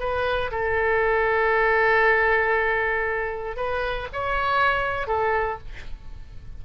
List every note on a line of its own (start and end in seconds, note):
0.00 0.51 B4
0.52 3.57 A4
3.57 4.08 B4
4.13 5.08 C#5
5.08 5.59 A4